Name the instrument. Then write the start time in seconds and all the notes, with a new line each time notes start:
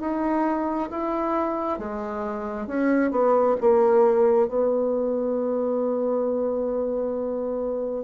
bassoon
0.00 D#4
0.90 E4
1.79 G#3
2.67 C#4
3.11 B3
3.61 A#3
4.48 B3